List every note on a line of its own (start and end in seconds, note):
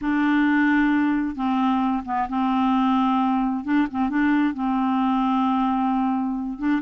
0.01 1.35 D4
1.35 2.03 C4
2.05 2.27 B3
2.28 3.64 C4
3.64 3.87 D4
3.90 4.09 C4
4.09 4.54 D4
4.54 6.58 C4
6.58 6.81 D4